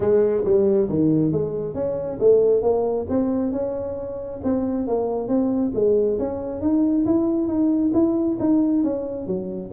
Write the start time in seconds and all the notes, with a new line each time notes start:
0.00 G#3
0.44 G3
0.89 D#3
1.32 G#3
1.74 C#4
2.19 A3
2.62 A#3
3.09 C4
3.52 C#4
4.43 C4
4.87 A#3
5.28 C4
5.74 G#3
6.18 C#4
6.61 D#4
7.05 E4
7.47 D#4
7.93 E4
8.39 D#4
8.83 C#4
9.26 F#3